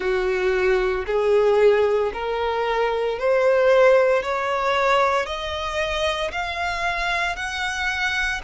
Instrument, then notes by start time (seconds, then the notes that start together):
violin
0.00 F#4
1.06 G#4
2.13 A#4
3.18 C5
4.22 C#5
5.26 D#5
6.32 F5
7.35 F#5